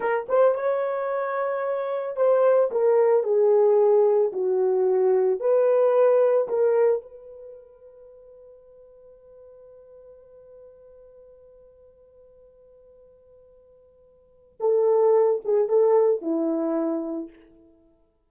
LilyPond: \new Staff \with { instrumentName = "horn" } { \time 4/4 \tempo 4 = 111 ais'8 c''8 cis''2. | c''4 ais'4 gis'2 | fis'2 b'2 | ais'4 b'2.~ |
b'1~ | b'1~ | b'2. a'4~ | a'8 gis'8 a'4 e'2 | }